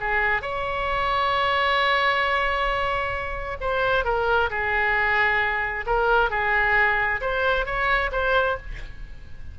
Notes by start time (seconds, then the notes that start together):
0.00 G#4
0.42 C#5
3.60 C5
4.05 A#4
4.50 G#4
5.86 A#4
6.30 G#4
7.21 C5
7.66 C#5
8.12 C5